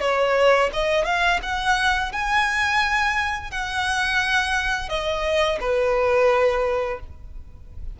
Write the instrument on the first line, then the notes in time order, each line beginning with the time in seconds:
violin
0.00 C#5
0.73 D#5
1.05 F5
1.42 F#5
2.12 G#5
3.50 F#5
4.88 D#5
5.60 B4